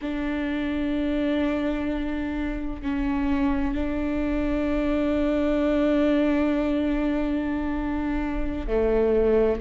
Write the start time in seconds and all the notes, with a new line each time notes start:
0.01 D4
2.81 C#4
3.74 D4
8.67 A3